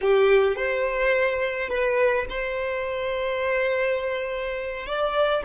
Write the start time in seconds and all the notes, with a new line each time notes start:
0.01 G4
0.56 C5
1.68 B4
2.29 C5
4.86 D5